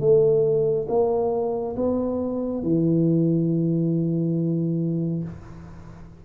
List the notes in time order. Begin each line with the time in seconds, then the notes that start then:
0.00 A3
0.89 A#3
1.76 B3
2.63 E3